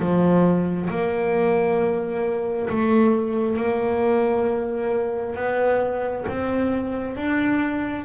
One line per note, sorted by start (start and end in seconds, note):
0.00 0.90 F3
0.90 2.69 A#3
2.69 3.57 A3
3.57 5.36 A#3
5.36 6.26 B3
6.28 7.16 C4
7.16 8.05 D4